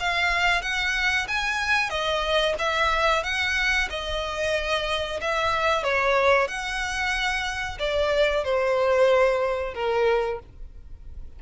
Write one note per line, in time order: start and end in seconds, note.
0.00 0.62 F5
0.62 1.27 F#5
1.28 1.90 G#5
1.90 2.55 D#5
2.59 3.23 E5
3.23 3.89 F#5
3.90 5.21 D#5
5.21 5.84 E5
5.84 6.48 C#5
6.48 7.78 F#5
7.79 8.44 D5
8.44 9.74 C5
9.74 10.40 A#4